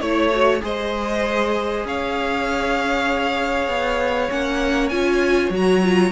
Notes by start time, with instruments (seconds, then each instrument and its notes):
0.00 cello A3, viola E4, violin C#5
0.32 viola F#4
0.61 cello G#3, viola G#4, violin C5 D#5
1.84 cello C#4, violin C#5 F5
3.67 cello B3
4.29 cello A#3, viola C#4, violin F#5
4.88 cello C#4, viola F4, violin G#5
5.49 cello F#3, viola F#4
5.56 violin A#5
5.82 viola F4